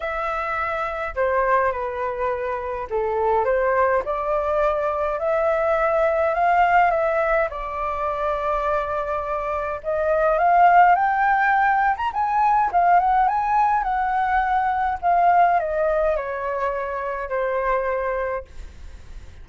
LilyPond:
\new Staff \with { instrumentName = "flute" } { \time 4/4 \tempo 4 = 104 e''2 c''4 b'4~ | b'4 a'4 c''4 d''4~ | d''4 e''2 f''4 | e''4 d''2.~ |
d''4 dis''4 f''4 g''4~ | g''8. ais''16 gis''4 f''8 fis''8 gis''4 | fis''2 f''4 dis''4 | cis''2 c''2 | }